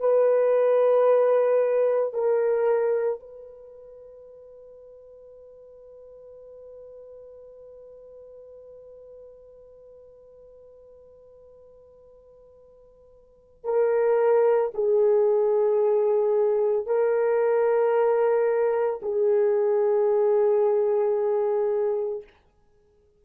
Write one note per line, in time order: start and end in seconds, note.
0.00 2.14 B4
2.14 3.20 A#4
3.20 13.65 B4
13.65 14.72 A#4
14.75 16.87 G#4
16.87 19.01 A#4
19.02 22.24 G#4